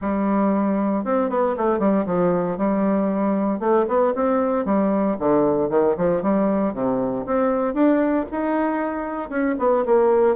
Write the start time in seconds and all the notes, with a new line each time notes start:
0.01 G3
1.04 C4
1.29 B3
1.57 A3
1.79 G3
2.05 F3
2.57 G3
3.59 A3
3.87 B3
4.15 C4
4.65 G3
5.19 D3
5.69 D#3
5.97 F3
6.22 G3
6.73 C3
7.26 C4
7.74 D4
8.31 D#4
9.29 C#4
9.59 B3
9.85 A#3